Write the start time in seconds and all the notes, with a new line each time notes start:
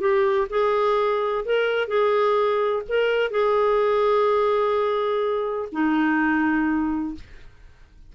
0.00 G4
0.50 G#4
1.45 A#4
1.88 G#4
2.89 A#4
3.31 G#4
5.72 D#4